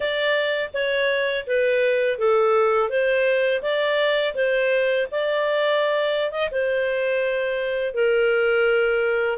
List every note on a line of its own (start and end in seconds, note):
0.00 0.70 D5
0.73 1.45 C#5
1.47 2.18 B4
2.18 2.89 A4
2.89 3.61 C5
3.62 4.34 D5
4.34 5.07 C5
5.11 6.31 D5
6.31 6.49 D#5
6.51 7.94 C5
7.94 9.38 A#4